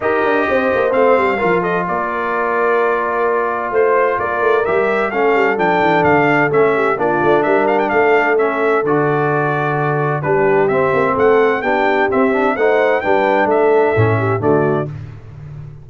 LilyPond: <<
  \new Staff \with { instrumentName = "trumpet" } { \time 4/4 \tempo 4 = 129 dis''2 f''4. dis''8 | d''1 | c''4 d''4 e''4 f''4 | g''4 f''4 e''4 d''4 |
e''8 f''16 g''16 f''4 e''4 d''4~ | d''2 b'4 e''4 | fis''4 g''4 e''4 fis''4 | g''4 e''2 d''4 | }
  \new Staff \with { instrumentName = "horn" } { \time 4/4 ais'4 c''2 ais'8 a'8 | ais'1 | c''4 ais'2 a'4~ | a'2~ a'8 g'8 f'4 |
ais'4 a'2.~ | a'2 g'2 | a'4 g'2 c''4 | b'4 a'4. g'8 fis'4 | }
  \new Staff \with { instrumentName = "trombone" } { \time 4/4 g'2 c'4 f'4~ | f'1~ | f'2 g'4 cis'4 | d'2 cis'4 d'4~ |
d'2 cis'4 fis'4~ | fis'2 d'4 c'4~ | c'4 d'4 c'8 d'8 dis'4 | d'2 cis'4 a4 | }
  \new Staff \with { instrumentName = "tuba" } { \time 4/4 dis'8 d'8 c'8 ais8 a8 g8 f4 | ais1 | a4 ais8 a8 g4 a8 g8 | f8 e8 d4 a4 ais8 a8 |
g4 a2 d4~ | d2 g4 c'8 ais8 | a4 b4 c'4 a4 | g4 a4 a,4 d4 | }
>>